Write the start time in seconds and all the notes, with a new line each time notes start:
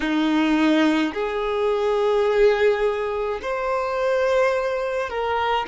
0.00 D#4
1.13 G#4
3.42 C5
5.09 A#4